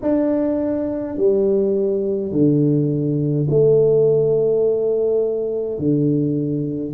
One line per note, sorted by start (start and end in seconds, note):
0.02 1.16 D4
1.16 2.31 G3
2.31 3.47 D3
3.49 5.78 A3
5.78 6.93 D3